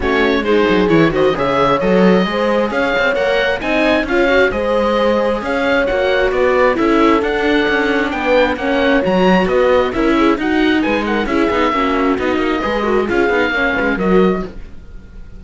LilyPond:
<<
  \new Staff \with { instrumentName = "oboe" } { \time 4/4 \tempo 4 = 133 cis''4 c''4 cis''8 dis''8 e''4 | dis''2 f''4 fis''4 | gis''4 f''4 dis''2 | f''4 fis''4 d''4 e''4 |
fis''2 g''4 fis''4 | ais''4 dis''4 e''4 fis''4 | gis''8 fis''8 e''2 dis''4~ | dis''4 f''2 dis''4 | }
  \new Staff \with { instrumentName = "horn" } { \time 4/4 fis'4 gis'4. c''8 cis''4~ | cis''4 c''4 cis''2 | dis''4 cis''4 c''2 | cis''2 b'4 a'4~ |
a'2 b'4 cis''4~ | cis''4 b'4 ais'8 gis'8 fis'4 | b'8 ais'8 gis'4 fis'2 | b'8 ais'8 gis'4 cis''8 b'8 ais'4 | }
  \new Staff \with { instrumentName = "viola" } { \time 4/4 cis'4 dis'4 e'8 fis'8 gis'4 | a'4 gis'2 ais'4 | dis'4 f'8 fis'8 gis'2~ | gis'4 fis'2 e'4 |
d'2. cis'4 | fis'2 e'4 dis'4~ | dis'4 e'8 dis'8 cis'4 dis'4 | gis'8 fis'8 f'8 dis'8 cis'4 fis'4 | }
  \new Staff \with { instrumentName = "cello" } { \time 4/4 a4 gis8 fis8 e8 dis8 cis4 | fis4 gis4 cis'8 c'8 ais4 | c'4 cis'4 gis2 | cis'4 ais4 b4 cis'4 |
d'4 cis'4 b4 ais4 | fis4 b4 cis'4 dis'4 | gis4 cis'8 b8 ais4 b8 ais8 | gis4 cis'8 b8 ais8 gis8 fis4 | }
>>